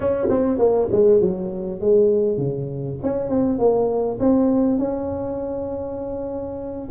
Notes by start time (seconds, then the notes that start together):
0.00 C#4
0.29 C4
0.58 A#3
0.91 G#3
1.21 F#3
1.80 G#3
2.37 C#3
3.02 C#4
3.29 C4
3.58 A#3
4.19 C4
4.78 C#4